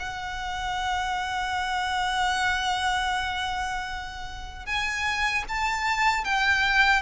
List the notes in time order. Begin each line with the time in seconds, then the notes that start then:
0.00 F#5
4.66 G#5
5.49 A5
6.25 G5